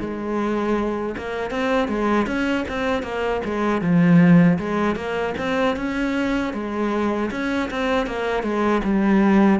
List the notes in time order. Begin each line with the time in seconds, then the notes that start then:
0.00 G#3
1.17 A#3
1.50 C4
1.88 G#3
2.27 C#4
2.68 C4
3.02 A#3
3.44 G#3
3.81 F3
4.58 G#3
4.96 A#3
5.37 C4
5.76 C#4
6.53 G#3
7.31 C#4
7.70 C4
8.06 A#3
8.43 G#3
8.84 G3